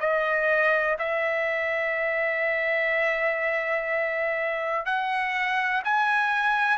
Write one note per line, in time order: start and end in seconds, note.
0.00 0.97 D#5
0.99 4.85 E5
4.85 5.82 F#5
5.84 6.77 G#5